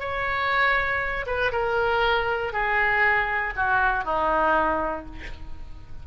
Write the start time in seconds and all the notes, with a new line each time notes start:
0.00 C#5
1.27 B4
1.52 A#4
2.53 G#4
3.56 F#4
4.05 D#4